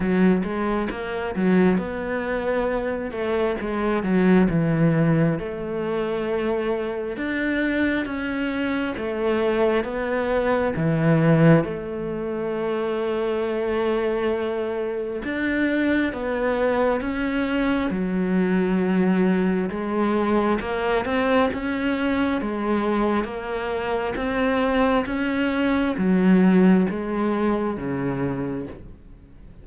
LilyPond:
\new Staff \with { instrumentName = "cello" } { \time 4/4 \tempo 4 = 67 fis8 gis8 ais8 fis8 b4. a8 | gis8 fis8 e4 a2 | d'4 cis'4 a4 b4 | e4 a2.~ |
a4 d'4 b4 cis'4 | fis2 gis4 ais8 c'8 | cis'4 gis4 ais4 c'4 | cis'4 fis4 gis4 cis4 | }